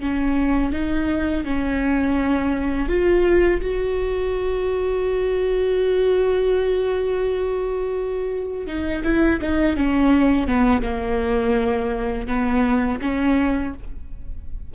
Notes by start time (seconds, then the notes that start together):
0.00 C#4
0.72 D#4
1.45 C#4
2.88 F4
3.61 F#4
8.66 D#4
9.04 E4
9.41 D#4
9.76 C#4
10.47 B3
10.82 A#3
12.27 B3
13.01 C#4